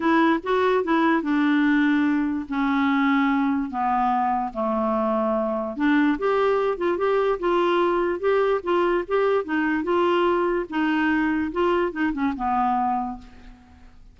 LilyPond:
\new Staff \with { instrumentName = "clarinet" } { \time 4/4 \tempo 4 = 146 e'4 fis'4 e'4 d'4~ | d'2 cis'2~ | cis'4 b2 a4~ | a2 d'4 g'4~ |
g'8 f'8 g'4 f'2 | g'4 f'4 g'4 dis'4 | f'2 dis'2 | f'4 dis'8 cis'8 b2 | }